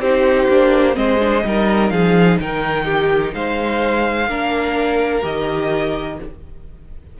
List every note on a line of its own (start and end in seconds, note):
0.00 0.48 C4
0.00 0.51 D#4
0.00 0.97 G4
0.00 0.96 C5
0.49 0.96 A#3
0.49 0.94 D4
0.94 1.44 G#3
0.94 1.18 C4
0.94 1.44 C5
0.94 1.90 D#5
1.20 1.43 D4
1.45 1.91 G3
1.45 4.29 D#4
1.45 1.93 A#4
1.90 2.39 F3
1.90 2.40 G#4
1.90 2.37 F5
2.40 3.34 D#3
2.40 2.85 A#4
2.40 3.34 G5
2.85 3.33 G4
3.34 4.28 G#3
3.34 4.29 C5
3.34 5.25 F5
4.28 5.24 A#3
4.28 5.22 D4
4.28 6.19 A#4
5.22 6.19 D#3
5.22 6.17 G4
5.22 6.20 D#5